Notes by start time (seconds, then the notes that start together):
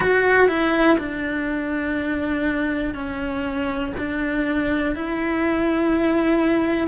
0.00 F#4
0.48 E4
0.97 D4
2.94 C#4
3.97 D4
4.94 E4